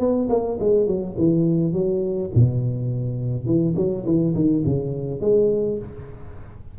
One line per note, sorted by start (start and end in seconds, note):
0.00 0.29 B3
0.30 0.59 A#3
0.60 0.88 G#3
0.88 1.16 F#3
1.18 1.73 E3
1.73 2.31 F#3
2.35 3.46 B2
3.46 3.75 E3
3.77 4.05 F#3
4.06 4.35 E3
4.35 4.64 D#3
4.66 5.21 C#3
5.21 5.78 G#3